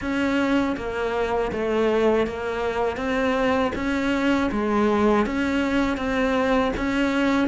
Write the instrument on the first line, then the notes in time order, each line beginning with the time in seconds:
cello
0.01 C#4
0.76 A#3
1.52 A3
2.26 A#3
2.97 C4
3.75 C#4
4.51 G#3
5.25 C#4
5.97 C4
6.77 C#4